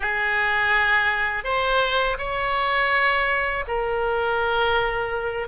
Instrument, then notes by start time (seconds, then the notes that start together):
oboe
0.00 G#4
1.44 C5
2.18 C#5
3.68 A#4